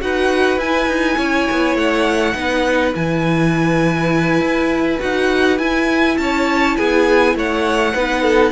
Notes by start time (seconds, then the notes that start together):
0.00 D#4 F#4 B4 F#5
0.57 E4 G#5
0.87 D#4
1.17 C#4 C#5
1.50 B3
1.75 A3 F#5
2.34 B3 D#4 B4
2.94 E3 E4 G#5
4.40 E4
4.99 D#4 F#4 F#5
5.58 E4 G#5
6.17 C#4 C#5 A5
6.76 B3 G#4 G#5
7.35 A3 C#5 F#5
7.93 B3 D#4 B4
8.22 A4